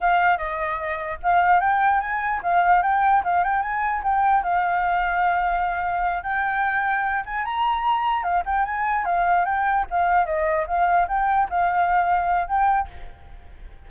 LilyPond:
\new Staff \with { instrumentName = "flute" } { \time 4/4 \tempo 4 = 149 f''4 dis''2 f''4 | g''4 gis''4 f''4 g''4 | f''8 g''8 gis''4 g''4 f''4~ | f''2.~ f''8 g''8~ |
g''2 gis''8 ais''4.~ | ais''8 f''8 g''8 gis''4 f''4 g''8~ | g''8 f''4 dis''4 f''4 g''8~ | g''8 f''2~ f''8 g''4 | }